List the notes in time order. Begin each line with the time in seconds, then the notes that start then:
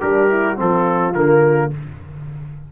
0.00 G3 D4 G4 A#4
0.29 E4
0.56 F3 C4 F4 A4
1.14 D3 A#3 A#4